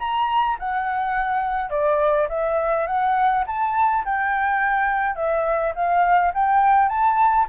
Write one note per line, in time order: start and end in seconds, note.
0.00 0.58 A#5
0.59 1.70 F#5
1.70 2.28 D5
2.29 2.87 E5
2.87 3.45 F#5
3.47 4.05 A5
4.05 5.16 G5
5.16 5.74 E5
5.76 6.33 F5
6.34 6.89 G5
6.89 7.47 A5